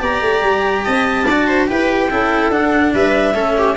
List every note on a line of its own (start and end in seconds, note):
0.00 0.21 B3
0.00 1.25 G4
0.00 0.85 D5
0.00 0.84 A#5
0.21 0.42 A3
0.42 0.84 G3
0.84 1.28 C4
0.84 1.26 D#5
0.84 1.68 A5
1.27 1.70 D4
1.27 1.68 F#4
1.27 1.48 D5
1.48 1.68 C5
1.68 2.11 E4
1.68 2.10 G4
1.68 2.11 B4
1.68 2.52 G5
2.11 2.50 C#4
2.11 2.52 E4
2.11 2.94 A4
2.50 2.92 D4
2.50 3.35 D4
2.50 2.94 F#5
2.94 3.34 G3
2.94 3.34 B4
2.94 3.78 E5
3.34 3.75 A3
3.34 3.76 C#4
3.34 3.55 A4
3.58 3.78 G4